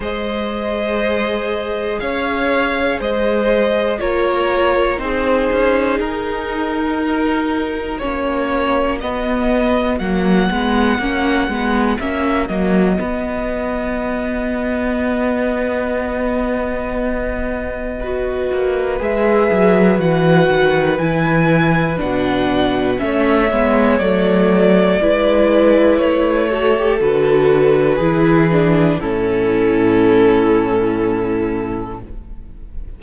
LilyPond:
<<
  \new Staff \with { instrumentName = "violin" } { \time 4/4 \tempo 4 = 60 dis''2 f''4 dis''4 | cis''4 c''4 ais'2 | cis''4 dis''4 fis''2 | e''8 dis''2.~ dis''8~ |
dis''2. e''4 | fis''4 gis''4 fis''4 e''4 | d''2 cis''4 b'4~ | b'4 a'2. | }
  \new Staff \with { instrumentName = "violin" } { \time 4/4 c''2 cis''4 c''4 | ais'4 gis'2 fis'4~ | fis'1~ | fis'1~ |
fis'2 b'2~ | b'2. cis''4~ | cis''4 b'4. a'4. | gis'4 e'2. | }
  \new Staff \with { instrumentName = "viola" } { \time 4/4 gis'1 | f'4 dis'2. | cis'4 b4 ais8 b8 cis'8 b8 | cis'8 ais8 b2.~ |
b2 fis'4 gis'4 | fis'4 e'4 d'4 cis'8 b8 | a4 e'4. fis'16 g'16 fis'4 | e'8 d'8 cis'2. | }
  \new Staff \with { instrumentName = "cello" } { \time 4/4 gis2 cis'4 gis4 | ais4 c'8 cis'8 dis'2 | ais4 b4 fis8 gis8 ais8 gis8 | ais8 fis8 b2.~ |
b2~ b8 ais8 gis8 fis8 | e8 dis8 e4 b,4 a8 gis8 | fis4 gis4 a4 d4 | e4 a,2. | }
>>